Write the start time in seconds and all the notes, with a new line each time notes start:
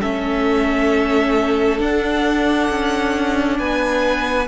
0.00 A3 C#4 A4 E5
1.78 D4 F#5
2.70 C#4
3.59 B3 B4 G#5